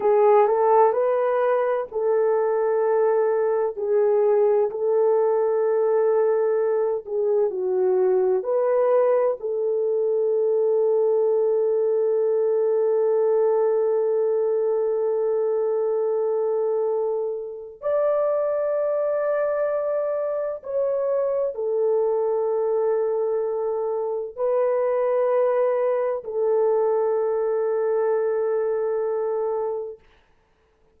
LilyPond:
\new Staff \with { instrumentName = "horn" } { \time 4/4 \tempo 4 = 64 gis'8 a'8 b'4 a'2 | gis'4 a'2~ a'8 gis'8 | fis'4 b'4 a'2~ | a'1~ |
a'2. d''4~ | d''2 cis''4 a'4~ | a'2 b'2 | a'1 | }